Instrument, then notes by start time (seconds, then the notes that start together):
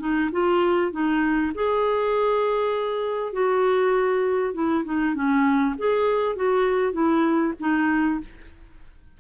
clarinet
0.00 D#4
0.32 F4
0.91 D#4
1.55 G#4
3.32 F#4
4.54 E4
4.85 D#4
5.14 C#4
5.78 G#4
6.36 F#4
6.93 E4
7.60 D#4